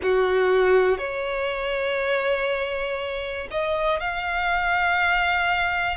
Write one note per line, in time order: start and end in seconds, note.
0.02 0.97 F#4
0.97 3.47 C#5
3.50 4.00 D#5
4.00 5.96 F5